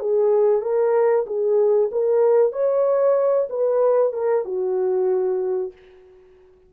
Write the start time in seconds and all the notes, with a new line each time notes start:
0.00 G#4
0.62 A#4
1.26 G#4
1.92 A#4
2.53 C#5
3.50 B4
4.13 A#4
4.45 F#4